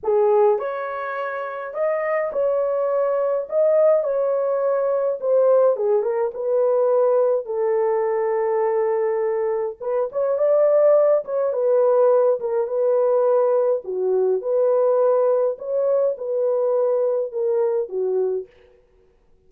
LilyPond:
\new Staff \with { instrumentName = "horn" } { \time 4/4 \tempo 4 = 104 gis'4 cis''2 dis''4 | cis''2 dis''4 cis''4~ | cis''4 c''4 gis'8 ais'8 b'4~ | b'4 a'2.~ |
a'4 b'8 cis''8 d''4. cis''8 | b'4. ais'8 b'2 | fis'4 b'2 cis''4 | b'2 ais'4 fis'4 | }